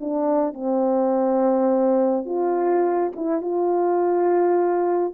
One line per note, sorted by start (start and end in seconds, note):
0.00 0.53 D4
0.53 2.25 C4
2.25 3.12 F4
3.15 3.41 E4
3.41 5.13 F4